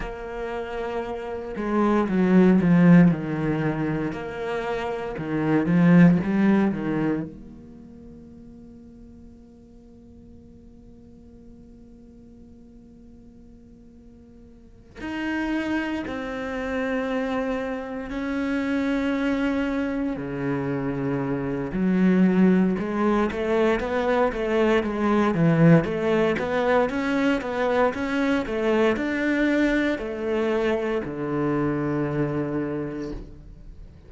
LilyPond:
\new Staff \with { instrumentName = "cello" } { \time 4/4 \tempo 4 = 58 ais4. gis8 fis8 f8 dis4 | ais4 dis8 f8 g8 dis8 ais4~ | ais1~ | ais2~ ais8 dis'4 c'8~ |
c'4. cis'2 cis8~ | cis4 fis4 gis8 a8 b8 a8 | gis8 e8 a8 b8 cis'8 b8 cis'8 a8 | d'4 a4 d2 | }